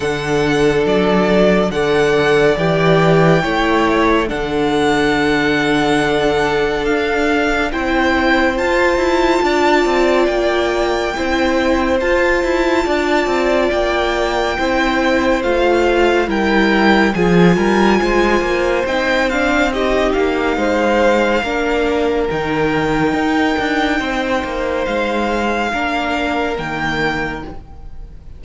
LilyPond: <<
  \new Staff \with { instrumentName = "violin" } { \time 4/4 \tempo 4 = 70 fis''4 d''4 fis''4 g''4~ | g''4 fis''2. | f''4 g''4 a''2 | g''2 a''2 |
g''2 f''4 g''4 | gis''2 g''8 f''8 dis''8 f''8~ | f''2 g''2~ | g''4 f''2 g''4 | }
  \new Staff \with { instrumentName = "violin" } { \time 4/4 a'2 d''2 | cis''4 a'2.~ | a'4 c''2 d''4~ | d''4 c''2 d''4~ |
d''4 c''2 ais'4 | gis'8 ais'8 c''2 g'4 | c''4 ais'2. | c''2 ais'2 | }
  \new Staff \with { instrumentName = "viola" } { \time 4/4 d'2 a'4 g'4 | e'4 d'2.~ | d'4 e'4 f'2~ | f'4 e'4 f'2~ |
f'4 e'4 f'4 e'4 | f'2 dis'8 d'8 dis'4~ | dis'4 d'4 dis'2~ | dis'2 d'4 ais4 | }
  \new Staff \with { instrumentName = "cello" } { \time 4/4 d4 fis4 d4 e4 | a4 d2. | d'4 c'4 f'8 e'8 d'8 c'8 | ais4 c'4 f'8 e'8 d'8 c'8 |
ais4 c'4 a4 g4 | f8 g8 gis8 ais8 c'4. ais8 | gis4 ais4 dis4 dis'8 d'8 | c'8 ais8 gis4 ais4 dis4 | }
>>